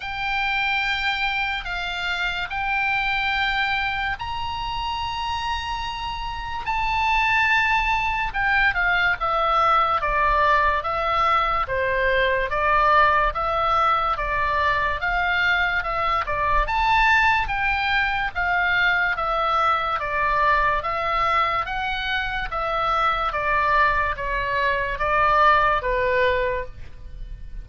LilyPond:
\new Staff \with { instrumentName = "oboe" } { \time 4/4 \tempo 4 = 72 g''2 f''4 g''4~ | g''4 ais''2. | a''2 g''8 f''8 e''4 | d''4 e''4 c''4 d''4 |
e''4 d''4 f''4 e''8 d''8 | a''4 g''4 f''4 e''4 | d''4 e''4 fis''4 e''4 | d''4 cis''4 d''4 b'4 | }